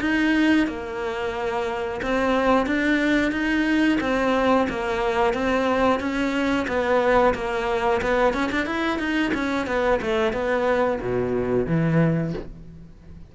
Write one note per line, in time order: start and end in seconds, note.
0.00 0.67 D#4
0.67 2.00 A#3
2.02 2.66 C4
2.66 3.31 D4
3.31 3.98 D#4
4.00 4.67 C4
4.69 5.33 A#3
5.33 5.99 C4
5.99 6.66 C#4
6.67 7.34 B3
7.34 8.01 A#3
8.02 8.33 B3
8.33 8.50 C#4
8.52 8.65 D4
8.65 8.98 E4
8.98 9.32 D#4
9.33 9.66 C#4
9.66 10.00 B3
10.01 10.32 A3
10.32 10.99 B3
11.01 11.66 B2
11.66 12.33 E3